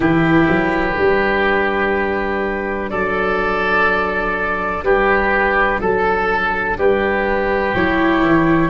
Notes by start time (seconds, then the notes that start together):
0.00 E3 E4 G4 B4
0.48 F#3
0.94 G3 D4
2.89 F#3 A4 D5
4.82 G3 G4 B4
5.80 F#3 A4
6.77 G3 G4 B4
7.74 F#3 E4 C#5
8.21 E3